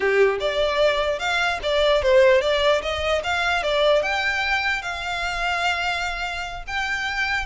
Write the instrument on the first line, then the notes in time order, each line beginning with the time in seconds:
violin
0.00 G4
0.40 D5
1.19 F5
1.63 D5
2.02 C5
2.41 D5
2.82 D#5
3.23 F5
3.63 D5
4.02 G5
4.82 F5
6.67 G5